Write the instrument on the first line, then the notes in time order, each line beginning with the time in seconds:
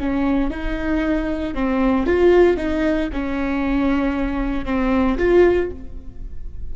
viola
0.00 C#4
0.51 D#4
1.55 C4
2.07 F4
2.57 D#4
3.14 C#4
4.66 C4
5.19 F4